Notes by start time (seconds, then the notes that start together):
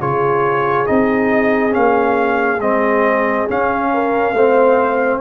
0.00 C#3 F4 G#4 C#5
0.86 C4 D#4 D#5
1.71 A#3 C#4 F5
2.60 G#3 C4 D#5
3.48 C#4 F5
3.93 A#4
4.33 A3 C4 C5